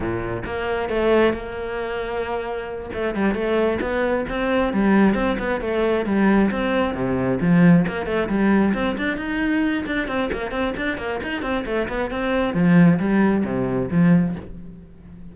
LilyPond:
\new Staff \with { instrumentName = "cello" } { \time 4/4 \tempo 4 = 134 ais,4 ais4 a4 ais4~ | ais2~ ais8 a8 g8 a8~ | a8 b4 c'4 g4 c'8 | b8 a4 g4 c'4 c8~ |
c8 f4 ais8 a8 g4 c'8 | d'8 dis'4. d'8 c'8 ais8 c'8 | d'8 ais8 dis'8 c'8 a8 b8 c'4 | f4 g4 c4 f4 | }